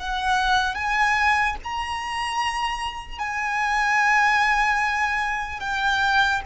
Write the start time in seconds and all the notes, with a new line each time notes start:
0.00 F#5
0.75 G#5
1.64 A#5
3.19 G#5
5.61 G5